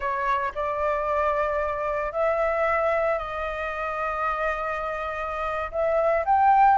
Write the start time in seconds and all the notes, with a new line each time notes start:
0.00 C#5
0.54 D5
2.12 E5
3.18 D#5
5.71 E5
6.25 G5